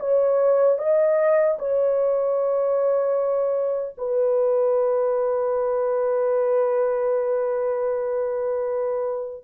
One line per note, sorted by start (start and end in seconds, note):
0.00 0.79 C#5
0.79 1.58 D#5
1.59 3.96 C#5
3.98 9.44 B4